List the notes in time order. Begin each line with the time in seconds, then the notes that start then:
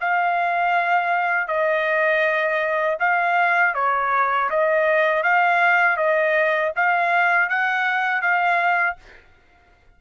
0.00 F5
1.47 D#5
2.99 F5
3.74 C#5
4.49 D#5
5.23 F5
5.97 D#5
6.76 F5
7.49 F#5
8.21 F5